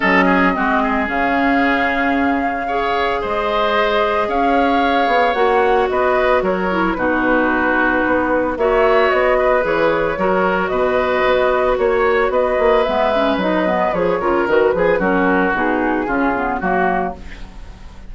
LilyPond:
<<
  \new Staff \with { instrumentName = "flute" } { \time 4/4 \tempo 4 = 112 dis''2 f''2~ | f''2 dis''2 | f''2 fis''4 dis''4 | cis''4 b'2. |
e''4 dis''4 cis''2 | dis''2 cis''4 dis''4 | e''4 dis''4 cis''4 b'4 | ais'4 gis'2 fis'4 | }
  \new Staff \with { instrumentName = "oboe" } { \time 4/4 a'8 gis'8 fis'8 gis'2~ gis'8~ | gis'4 cis''4 c''2 | cis''2. b'4 | ais'4 fis'2. |
cis''4. b'4. ais'4 | b'2 cis''4 b'4~ | b'2~ b'8 ais'4 gis'8 | fis'2 f'4 fis'4 | }
  \new Staff \with { instrumentName = "clarinet" } { \time 4/4 cis'4 c'4 cis'2~ | cis'4 gis'2.~ | gis'2 fis'2~ | fis'8 e'8 dis'2. |
fis'2 gis'4 fis'4~ | fis'1 | b8 cis'8 dis'8 b8 gis'8 f'8 fis'8 gis'8 | cis'4 dis'4 cis'8 b8 ais4 | }
  \new Staff \with { instrumentName = "bassoon" } { \time 4/4 fis4 gis4 cis2~ | cis2 gis2 | cis'4. b8 ais4 b4 | fis4 b,2 b4 |
ais4 b4 e4 fis4 | b,4 b4 ais4 b8 ais8 | gis4 fis4 f8 cis8 dis8 f8 | fis4 b,4 cis4 fis4 | }
>>